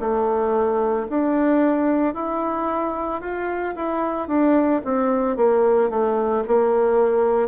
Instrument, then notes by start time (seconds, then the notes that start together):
bassoon
0.00 A3
1.10 D4
2.14 E4
3.21 F4
3.75 E4
4.28 D4
4.85 C4
5.37 A#3
5.90 A3
6.48 A#3